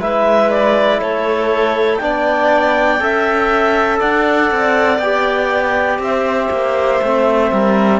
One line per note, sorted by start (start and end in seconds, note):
0.00 1.00 G#3
0.00 2.00 E4
0.00 1.00 B4
0.00 0.51 E5
0.51 1.01 D5
1.00 2.00 A3
1.00 2.02 A4
1.00 1.97 C#5
1.97 3.01 B3
1.97 3.00 D4
1.97 3.03 D5
1.97 3.97 G5
3.00 4.01 C#4
3.00 5.00 A4
3.00 4.00 E5
4.00 4.51 D4
4.00 6.00 D5
4.00 4.98 F#5
4.51 4.99 C4
4.98 5.99 B3
4.98 7.03 G4
4.98 5.98 G5
5.99 6.49 C4
5.99 7.53 C5
5.99 8.00 E5
6.51 7.01 A#3
7.02 7.52 A3
7.02 8.00 C4
7.52 8.00 G3
7.52 8.00 A#4